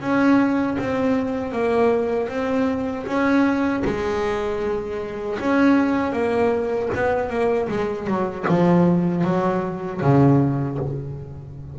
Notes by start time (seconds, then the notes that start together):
0.00 C#4
0.79 C4
1.52 A#3
2.29 C4
3.06 C#4
3.85 G#3
5.40 C#4
6.13 A#3
6.95 B3
7.30 A#3
7.69 G#3
8.07 F#3
8.48 F3
9.24 F#3
10.01 C#3